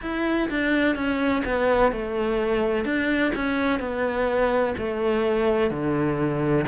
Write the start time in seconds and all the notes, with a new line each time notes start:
0.01 E4
0.49 D4
0.95 C#4
1.45 B3
1.91 A3
2.84 D4
3.35 C#4
3.79 B3
4.77 A3
5.70 D3